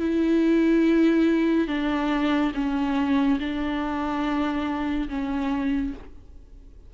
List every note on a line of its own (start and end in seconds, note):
0.00 1.68 E4
1.68 2.52 D4
2.55 3.39 C#4
3.40 5.09 D4
5.09 5.94 C#4